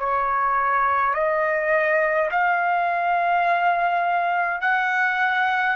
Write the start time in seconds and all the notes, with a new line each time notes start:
0.00 C#5
1.15 D#5
2.31 F5
4.62 F#5